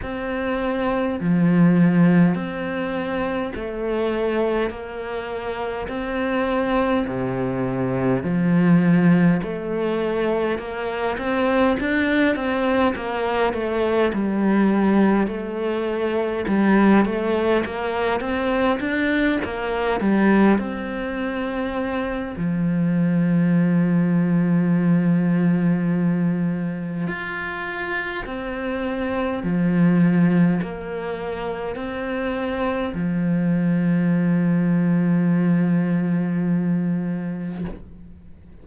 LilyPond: \new Staff \with { instrumentName = "cello" } { \time 4/4 \tempo 4 = 51 c'4 f4 c'4 a4 | ais4 c'4 c4 f4 | a4 ais8 c'8 d'8 c'8 ais8 a8 | g4 a4 g8 a8 ais8 c'8 |
d'8 ais8 g8 c'4. f4~ | f2. f'4 | c'4 f4 ais4 c'4 | f1 | }